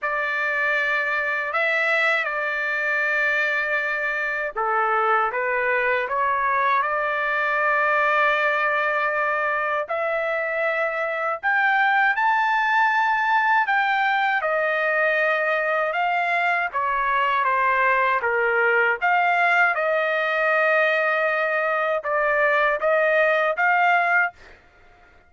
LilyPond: \new Staff \with { instrumentName = "trumpet" } { \time 4/4 \tempo 4 = 79 d''2 e''4 d''4~ | d''2 a'4 b'4 | cis''4 d''2.~ | d''4 e''2 g''4 |
a''2 g''4 dis''4~ | dis''4 f''4 cis''4 c''4 | ais'4 f''4 dis''2~ | dis''4 d''4 dis''4 f''4 | }